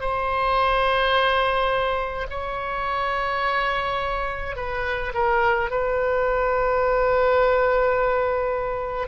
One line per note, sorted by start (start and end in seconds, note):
0.00 2.26 C5
2.30 4.56 C#5
4.56 5.13 B4
5.14 5.70 A#4
5.70 9.07 B4